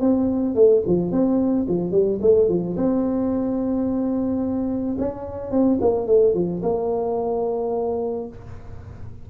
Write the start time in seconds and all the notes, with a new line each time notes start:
0.00 C4
0.55 A3
0.86 F3
1.11 C4
1.68 F3
1.91 G3
2.21 A3
2.48 F3
2.76 C4
4.98 C#4
5.51 C4
5.81 A#3
6.06 A3
6.34 F3
6.62 A#3